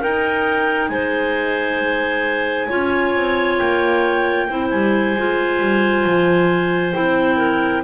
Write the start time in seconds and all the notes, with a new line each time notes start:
0.00 D#4 A#4 G5
0.88 G#3 C5 G#5
2.68 C#4 F4 C#5
3.14 C4
3.57 A#3 G5
4.49 C4 E4 C5
4.69 G3 G#5
5.15 G#3 F4
5.59 G3
6.04 F3
6.93 C4 E4 G5
7.37 A#4